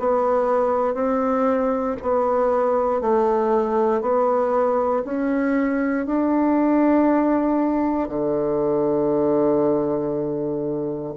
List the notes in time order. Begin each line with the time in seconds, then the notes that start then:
0.00 B3
0.95 C4
2.02 B3
3.01 A3
4.02 B3
5.05 C#4
6.06 D4
8.09 D3